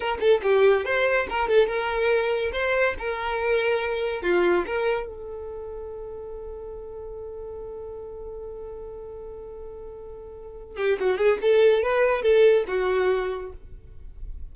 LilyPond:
\new Staff \with { instrumentName = "violin" } { \time 4/4 \tempo 4 = 142 ais'8 a'8 g'4 c''4 ais'8 a'8 | ais'2 c''4 ais'4~ | ais'2 f'4 ais'4 | a'1~ |
a'1~ | a'1~ | a'4. g'8 fis'8 gis'8 a'4 | b'4 a'4 fis'2 | }